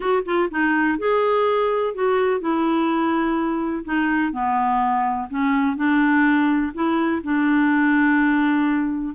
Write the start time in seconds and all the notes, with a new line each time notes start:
0.00 F#4
0.25 F4
0.50 D#4
0.98 G#4
1.94 F#4
2.40 E4
3.84 D#4
4.32 B3
5.30 C#4
5.76 D4
6.74 E4
7.23 D4